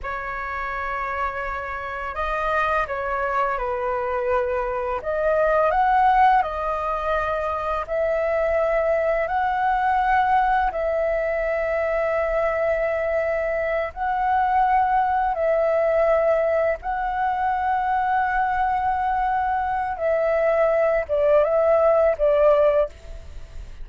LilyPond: \new Staff \with { instrumentName = "flute" } { \time 4/4 \tempo 4 = 84 cis''2. dis''4 | cis''4 b'2 dis''4 | fis''4 dis''2 e''4~ | e''4 fis''2 e''4~ |
e''2.~ e''8 fis''8~ | fis''4. e''2 fis''8~ | fis''1 | e''4. d''8 e''4 d''4 | }